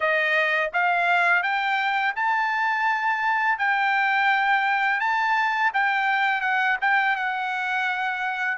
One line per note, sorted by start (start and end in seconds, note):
0.00 0.70 D#5
0.73 1.42 F5
1.42 2.14 G5
2.15 3.58 A5
3.58 4.99 G5
4.99 5.71 A5
5.73 6.41 G5
6.41 6.76 F#5
6.81 7.16 G5
7.16 8.57 F#5